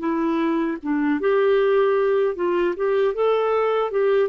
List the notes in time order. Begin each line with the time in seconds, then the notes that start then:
0.00 E4
0.83 D4
1.20 G4
2.36 F4
2.77 G4
3.15 A4
3.92 G4